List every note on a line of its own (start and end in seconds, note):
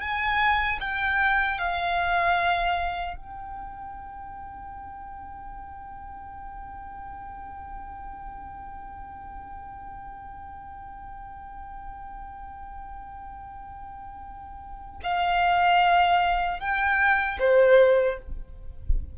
0.00 0.79 G#5
0.80 1.58 G5
1.58 3.16 F5
3.16 15.00 G5
15.03 16.59 F5
16.59 17.38 G5
17.39 18.18 C5